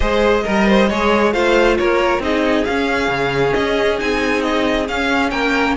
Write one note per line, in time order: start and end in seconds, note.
0.00 0.45 G#3
0.00 0.44 G#4
0.00 0.44 C5
0.00 1.32 D#5
0.44 0.90 G3
0.44 0.88 A#4
0.44 0.67 A#4
0.67 0.89 C5
0.89 1.34 G#3
0.89 1.33 G#4
0.89 1.33 C#5
1.32 1.78 A3
1.32 2.21 F4
1.32 1.77 C5
1.32 1.77 F5
1.77 2.19 A#3
1.77 2.22 A#4
1.77 2.21 C#5
2.19 2.63 C4
2.19 2.65 D#4
2.19 5.31 G#4
2.19 2.64 D#5
2.64 3.07 C#4
2.64 3.97 C#4
2.64 3.53 F5
3.07 3.52 C#3
3.53 4.01 C#4
3.53 3.97 D#5
3.97 4.88 C4
3.97 4.86 D#4
3.97 4.42 G#5
4.42 4.86 D#5
4.88 5.31 C#4
4.88 5.77 C#4
4.88 5.30 F5
5.30 5.76 A#3
5.30 5.76 A#4
5.30 5.75 G5